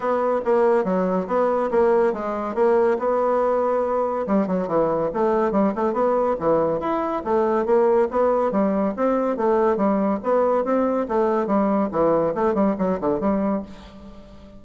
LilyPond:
\new Staff \with { instrumentName = "bassoon" } { \time 4/4 \tempo 4 = 141 b4 ais4 fis4 b4 | ais4 gis4 ais4 b4~ | b2 g8 fis8 e4 | a4 g8 a8 b4 e4 |
e'4 a4 ais4 b4 | g4 c'4 a4 g4 | b4 c'4 a4 g4 | e4 a8 g8 fis8 d8 g4 | }